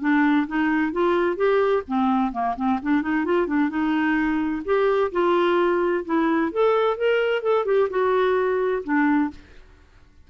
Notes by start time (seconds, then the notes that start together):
0.00 D4
0.47 D#4
0.92 F4
1.36 G4
1.88 C4
2.32 A#3
2.56 C4
2.82 D4
3.02 D#4
3.25 F4
3.47 D4
3.70 D#4
4.65 G4
5.12 F4
6.05 E4
6.52 A4
6.97 A#4
7.42 A4
7.66 G4
7.90 F#4
8.84 D4